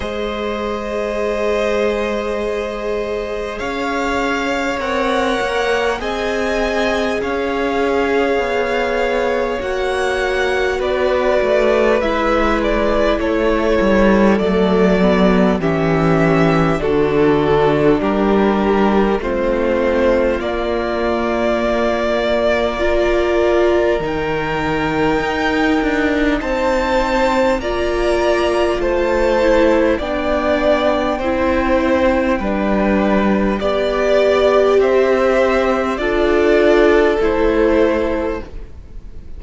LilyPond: <<
  \new Staff \with { instrumentName = "violin" } { \time 4/4 \tempo 4 = 50 dis''2. f''4 | fis''4 gis''4 f''2 | fis''4 d''4 e''8 d''8 cis''4 | d''4 e''4 a'4 ais'4 |
c''4 d''2. | g''2 a''4 ais''4 | a''4 g''2. | d''4 e''4 d''4 c''4 | }
  \new Staff \with { instrumentName = "violin" } { \time 4/4 c''2. cis''4~ | cis''4 dis''4 cis''2~ | cis''4 b'2 a'4~ | a'4 g'4 fis'4 g'4 |
f'2. ais'4~ | ais'2 c''4 d''4 | c''4 d''4 c''4 b'4 | d''4 c''4 a'2 | }
  \new Staff \with { instrumentName = "viola" } { \time 4/4 gis'1 | ais'4 gis'2. | fis'2 e'2 | a8 b8 cis'4 d'2 |
c'4 ais2 f'4 | dis'2. f'4~ | f'8 e'8 d'4 e'4 d'4 | g'2 f'4 e'4 | }
  \new Staff \with { instrumentName = "cello" } { \time 4/4 gis2. cis'4 | c'8 ais8 c'4 cis'4 b4 | ais4 b8 a8 gis4 a8 g8 | fis4 e4 d4 g4 |
a4 ais2. | dis4 dis'8 d'8 c'4 ais4 | a4 b4 c'4 g4 | b4 c'4 d'4 a4 | }
>>